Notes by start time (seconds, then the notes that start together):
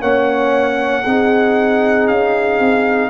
0.00 A#3 C#4 C#5 F#5
1.02 C4 D#4 G#4
2.07 C#4 F5
2.59 C4